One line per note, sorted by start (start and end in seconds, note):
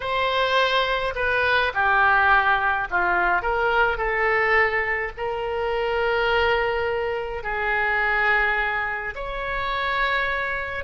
0.00 1.14 C5
1.15 1.72 B4
1.74 2.88 G4
2.90 3.42 F4
3.42 3.97 A#4
3.97 5.11 A4
5.17 7.43 A#4
7.43 9.14 G#4
9.15 10.84 C#5